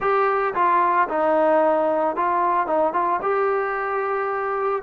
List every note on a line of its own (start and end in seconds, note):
0.00 0.54 G4
0.54 1.07 F4
1.09 2.16 D#4
2.16 2.66 F4
2.66 2.93 D#4
2.93 3.19 F4
3.21 4.82 G4